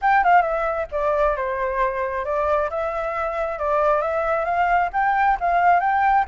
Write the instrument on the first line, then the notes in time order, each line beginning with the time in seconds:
flute
0.01 G5
0.24 F5
0.42 E5
0.91 D5
1.36 C5
2.24 D5
2.69 E5
3.58 D5
4.01 E5
4.45 F5
4.93 G5
5.40 F5
5.80 G5